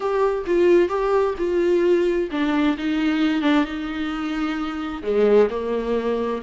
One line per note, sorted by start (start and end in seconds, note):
0.00 0.45 G4
0.46 0.88 F4
0.88 1.34 G4
1.37 2.29 F4
2.31 2.76 D4
2.77 3.42 D#4
3.42 3.65 D4
3.65 5.02 D#4
5.03 5.48 G#3
5.50 6.41 A#3